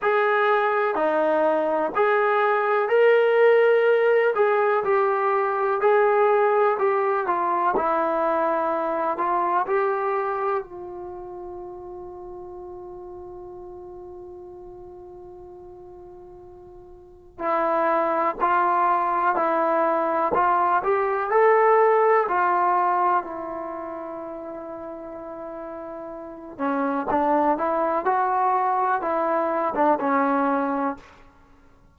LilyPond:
\new Staff \with { instrumentName = "trombone" } { \time 4/4 \tempo 4 = 62 gis'4 dis'4 gis'4 ais'4~ | ais'8 gis'8 g'4 gis'4 g'8 f'8 | e'4. f'8 g'4 f'4~ | f'1~ |
f'2 e'4 f'4 | e'4 f'8 g'8 a'4 f'4 | e'2.~ e'8 cis'8 | d'8 e'8 fis'4 e'8. d'16 cis'4 | }